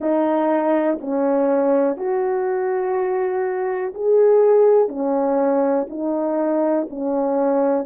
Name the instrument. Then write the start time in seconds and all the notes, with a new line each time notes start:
horn
0.00 D#4
1.01 C#4
1.96 F#4
3.94 G#4
4.88 C#4
5.89 D#4
6.89 C#4